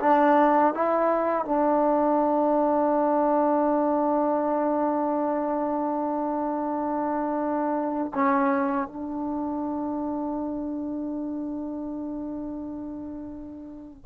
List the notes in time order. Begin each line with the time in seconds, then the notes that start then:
0.00 D4
0.74 E4
1.45 D4
8.15 C#4
8.88 D4